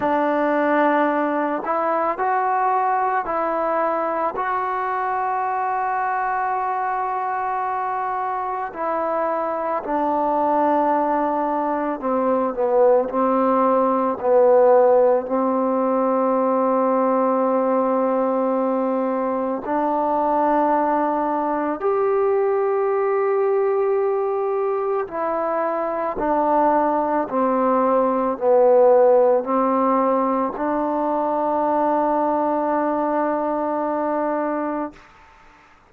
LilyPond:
\new Staff \with { instrumentName = "trombone" } { \time 4/4 \tempo 4 = 55 d'4. e'8 fis'4 e'4 | fis'1 | e'4 d'2 c'8 b8 | c'4 b4 c'2~ |
c'2 d'2 | g'2. e'4 | d'4 c'4 b4 c'4 | d'1 | }